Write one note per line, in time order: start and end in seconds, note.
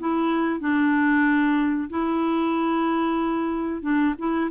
0.00 0.60 E4
0.60 1.89 D4
1.90 3.82 E4
3.82 4.14 D4
4.18 4.51 E4